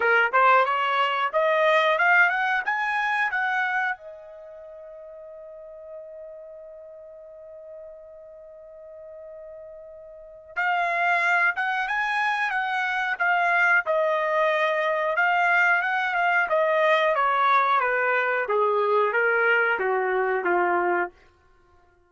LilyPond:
\new Staff \with { instrumentName = "trumpet" } { \time 4/4 \tempo 4 = 91 ais'8 c''8 cis''4 dis''4 f''8 fis''8 | gis''4 fis''4 dis''2~ | dis''1~ | dis''1 |
f''4. fis''8 gis''4 fis''4 | f''4 dis''2 f''4 | fis''8 f''8 dis''4 cis''4 b'4 | gis'4 ais'4 fis'4 f'4 | }